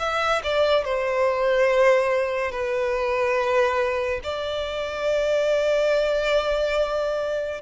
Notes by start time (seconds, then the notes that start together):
0.00 E5
0.44 D5
0.85 C5
2.52 B4
4.24 D5